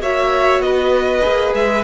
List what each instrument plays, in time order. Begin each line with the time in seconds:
0.00 cello A#3, viola F#4, violin C#5 E5
0.59 cello B3, violin B4 D#5
1.21 cello A#3, viola G#4
1.53 cello G#3, violin E5